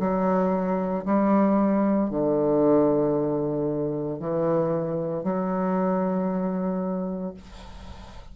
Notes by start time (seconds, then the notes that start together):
0.00 F#3
1.05 G3
2.10 D3
4.20 E3
5.23 F#3